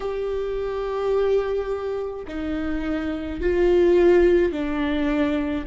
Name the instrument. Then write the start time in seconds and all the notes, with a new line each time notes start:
viola
0.00 G4
2.27 D#4
3.40 F4
4.51 D4